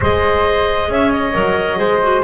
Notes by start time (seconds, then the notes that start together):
0.00 G#3 G#4 C5 D#5
0.89 C#4 C#5 E5
1.10 D#5
1.33 F#3 A#4
1.77 G#3 G#4 C5
2.02 F#4